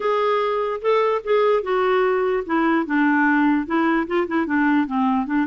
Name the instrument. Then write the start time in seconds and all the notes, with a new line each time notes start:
clarinet
0.00 G#4
0.81 A4
1.24 G#4
1.62 F#4
2.46 E4
2.86 D4
3.66 E4
4.07 F4
4.27 E4
4.46 D4
4.86 C4
5.26 D4